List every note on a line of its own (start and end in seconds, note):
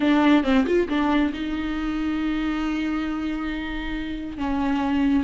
0.00 0.43 D4
0.43 0.65 C4
0.66 0.88 F4
0.88 1.32 D4
1.33 4.37 D#4
4.37 5.24 C#4